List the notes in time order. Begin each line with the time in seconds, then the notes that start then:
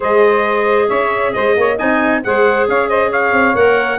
0.00 G#3 G#4 C5 D#5
0.88 C#4 C#5 E5
1.33 G#3 C5 D#5
1.56 A#3 C#5
1.76 C4 D#4 D#5 G#5
2.23 G#3 G#4 C5 F#5
2.67 C#4 C#5 F5
2.89 C5 D#5
3.09 C#5 F5
3.32 C4
3.54 A#3 A#4 F#5